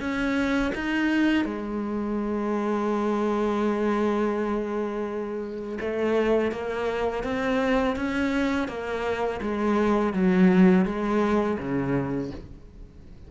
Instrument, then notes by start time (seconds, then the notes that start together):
cello
0.00 C#4
0.75 D#4
1.45 G#3
5.81 A3
6.52 A#3
7.24 C4
7.96 C#4
8.68 A#3
9.42 G#3
10.13 F#3
10.86 G#3
11.59 C#3